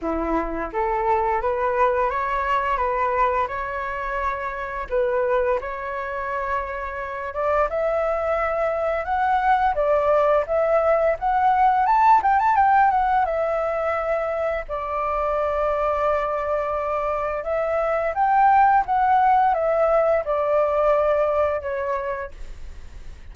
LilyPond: \new Staff \with { instrumentName = "flute" } { \time 4/4 \tempo 4 = 86 e'4 a'4 b'4 cis''4 | b'4 cis''2 b'4 | cis''2~ cis''8 d''8 e''4~ | e''4 fis''4 d''4 e''4 |
fis''4 a''8 g''16 a''16 g''8 fis''8 e''4~ | e''4 d''2.~ | d''4 e''4 g''4 fis''4 | e''4 d''2 cis''4 | }